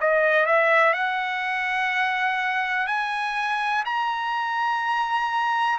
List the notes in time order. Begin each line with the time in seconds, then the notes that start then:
0.00 D#5
0.46 E5
0.93 F#5
2.87 G#5
3.85 A#5